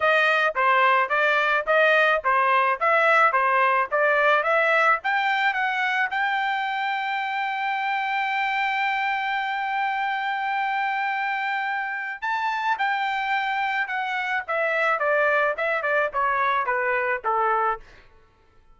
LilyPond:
\new Staff \with { instrumentName = "trumpet" } { \time 4/4 \tempo 4 = 108 dis''4 c''4 d''4 dis''4 | c''4 e''4 c''4 d''4 | e''4 g''4 fis''4 g''4~ | g''1~ |
g''1~ | g''2 a''4 g''4~ | g''4 fis''4 e''4 d''4 | e''8 d''8 cis''4 b'4 a'4 | }